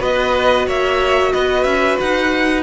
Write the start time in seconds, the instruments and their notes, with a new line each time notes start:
0.00 cello B3, viola F#4, violin B4 D#5
0.67 cello A#3, violin C#5 E5
1.33 cello B3, violin B4 D#5
1.64 cello C#4, violin E5
2.01 cello D#4, violin F#5